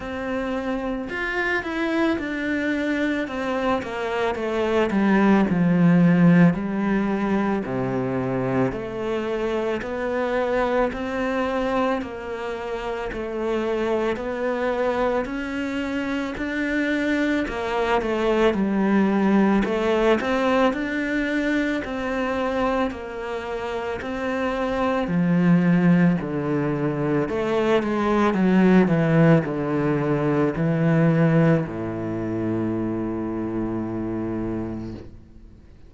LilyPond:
\new Staff \with { instrumentName = "cello" } { \time 4/4 \tempo 4 = 55 c'4 f'8 e'8 d'4 c'8 ais8 | a8 g8 f4 g4 c4 | a4 b4 c'4 ais4 | a4 b4 cis'4 d'4 |
ais8 a8 g4 a8 c'8 d'4 | c'4 ais4 c'4 f4 | d4 a8 gis8 fis8 e8 d4 | e4 a,2. | }